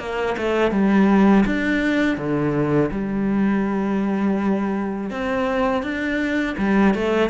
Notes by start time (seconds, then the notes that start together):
0.00 A#3
0.38 A3
0.72 G3
1.46 D4
2.18 D3
2.92 G3
5.11 C4
5.83 D4
6.58 G3
6.94 A3